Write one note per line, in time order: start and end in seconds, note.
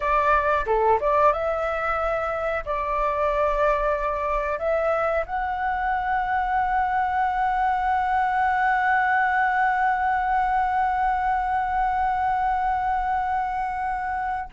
0.00 0.65 D5
0.66 0.99 A4
1.00 1.32 D5
1.32 2.64 E5
2.65 4.59 D5
4.59 5.24 E5
5.26 14.49 F#5